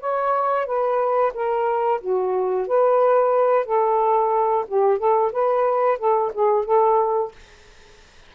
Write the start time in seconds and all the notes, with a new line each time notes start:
0.00 C#5
0.66 B4
1.34 A#4
2.01 F#4
2.67 B4
3.65 A4
4.67 G4
4.98 A4
5.32 B4
5.98 A4
6.33 G#4
6.65 A4